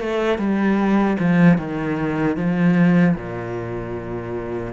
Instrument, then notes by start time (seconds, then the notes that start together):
cello
0.00 A3
0.38 G3
1.19 F3
1.58 D#3
2.37 F3
3.16 A#2